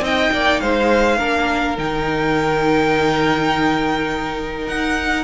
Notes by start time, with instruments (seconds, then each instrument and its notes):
0.00 cello C4, viola D#4, violin D#5 G5
0.31 cello A#3, violin D5
0.60 cello G#3, violin C5 F5
1.17 cello A#3, viola D4, violin A#4
1.77 cello D#3, viola D#4, violin G5
4.67 cello D#4, violin F#5